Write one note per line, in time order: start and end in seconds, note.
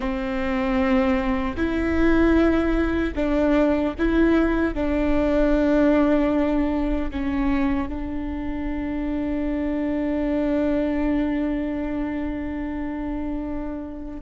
0.00 1.56 C4
1.56 3.14 E4
3.15 3.94 D4
3.98 4.74 E4
4.74 7.11 D4
7.11 7.88 C#4
7.88 14.20 D4